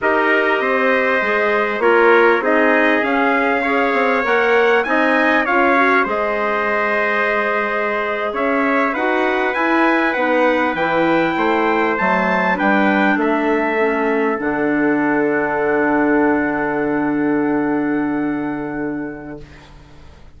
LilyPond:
<<
  \new Staff \with { instrumentName = "trumpet" } { \time 4/4 \tempo 4 = 99 dis''2. cis''4 | dis''4 f''2 fis''4 | gis''4 f''4 dis''2~ | dis''4.~ dis''16 e''4 fis''4 gis''16~ |
gis''8. fis''4 g''2 a''16~ | a''8. g''4 e''2 fis''16~ | fis''1~ | fis''1 | }
  \new Staff \with { instrumentName = "trumpet" } { \time 4/4 ais'4 c''2 ais'4 | gis'2 cis''2 | dis''4 cis''4 c''2~ | c''4.~ c''16 cis''4 b'4~ b'16~ |
b'2~ b'8. c''4~ c''16~ | c''8. b'4 a'2~ a'16~ | a'1~ | a'1 | }
  \new Staff \with { instrumentName = "clarinet" } { \time 4/4 g'2 gis'4 f'4 | dis'4 cis'4 gis'4 ais'4 | dis'4 f'8 fis'8 gis'2~ | gis'2~ gis'8. fis'4 e'16~ |
e'8. dis'4 e'2 a16~ | a8. d'2 cis'4 d'16~ | d'1~ | d'1 | }
  \new Staff \with { instrumentName = "bassoon" } { \time 4/4 dis'4 c'4 gis4 ais4 | c'4 cis'4. c'8 ais4 | c'4 cis'4 gis2~ | gis4.~ gis16 cis'4 dis'4 e'16~ |
e'8. b4 e4 a4 fis16~ | fis8. g4 a2 d16~ | d1~ | d1 | }
>>